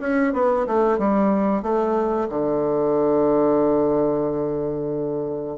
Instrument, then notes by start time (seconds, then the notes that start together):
bassoon
0.00 C#4
0.33 B3
0.67 A3
0.98 G3
1.62 A3
2.29 D3